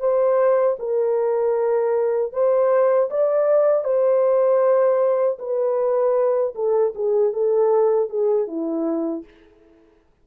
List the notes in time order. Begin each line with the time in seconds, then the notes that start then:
0.00 C5
0.79 A#4
2.33 C5
3.10 D5
3.84 C5
5.39 B4
6.55 A4
6.95 G#4
7.33 A4
8.09 G#4
8.48 E4